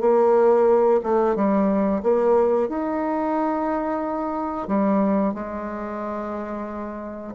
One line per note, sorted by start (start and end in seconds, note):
0.00 1.00 A#3
1.03 1.35 A3
1.35 2.02 G3
2.03 2.68 A#3
2.68 4.67 D#4
4.67 5.34 G3
5.34 7.34 G#3